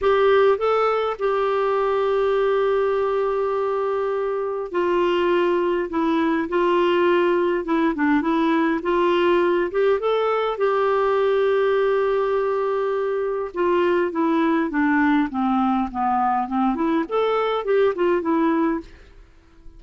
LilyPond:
\new Staff \with { instrumentName = "clarinet" } { \time 4/4 \tempo 4 = 102 g'4 a'4 g'2~ | g'1 | f'2 e'4 f'4~ | f'4 e'8 d'8 e'4 f'4~ |
f'8 g'8 a'4 g'2~ | g'2. f'4 | e'4 d'4 c'4 b4 | c'8 e'8 a'4 g'8 f'8 e'4 | }